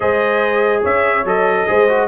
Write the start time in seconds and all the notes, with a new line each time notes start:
0.00 G#3 G#4 C5 D#5
0.82 C#4 C#5 E5
1.24 F#3 A4 D#5
1.66 G#3 G#4 C5
1.88 F#4